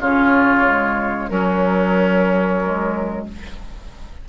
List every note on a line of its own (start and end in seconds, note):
0.00 1.30 C#3
0.00 0.65 C#4
0.00 1.30 F4
0.00 1.29 C#5
0.65 1.30 G#3
1.29 2.60 F#3
1.29 3.26 F#3
1.29 3.25 C#4
1.29 3.25 A#4
2.63 3.29 G#3